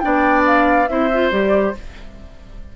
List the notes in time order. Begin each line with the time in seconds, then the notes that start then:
0.00 B3 D4 D5 G5
0.47 F5
0.88 C4 E4 C5 E5
1.13 F4
1.31 G3 G4 D5